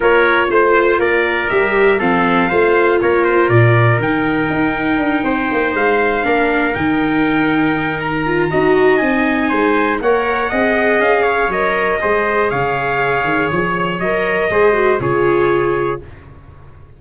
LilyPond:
<<
  \new Staff \with { instrumentName = "trumpet" } { \time 4/4 \tempo 4 = 120 cis''4 c''4 d''4 e''4 | f''2 cis''8 c''8 d''4 | g''2.~ g''8 f''8~ | f''4. g''2~ g''8 |
ais''2 gis''2 | fis''2 f''4 dis''4~ | dis''4 f''2 cis''4 | dis''2 cis''2 | }
  \new Staff \with { instrumentName = "trumpet" } { \time 4/4 ais'4 c''4 ais'2 | a'4 c''4 ais'2~ | ais'2~ ais'8 c''4.~ | c''8 ais'2.~ ais'8~ |
ais'4 dis''2 c''4 | cis''4 dis''4. cis''4. | c''4 cis''2.~ | cis''4 c''4 gis'2 | }
  \new Staff \with { instrumentName = "viola" } { \time 4/4 f'2. g'4 | c'4 f'2. | dis'1~ | dis'8 d'4 dis'2~ dis'8~ |
dis'8 f'8 fis'4 dis'2 | ais'4 gis'2 ais'4 | gis'1 | ais'4 gis'8 fis'8 f'2 | }
  \new Staff \with { instrumentName = "tuba" } { \time 4/4 ais4 a4 ais4 g4 | f4 a4 ais4 ais,4 | dis4 dis'4 d'8 c'8 ais8 gis8~ | gis8 ais4 dis2~ dis8~ |
dis4 dis'4 c'4 gis4 | ais4 c'4 cis'4 fis4 | gis4 cis4. dis8 f4 | fis4 gis4 cis2 | }
>>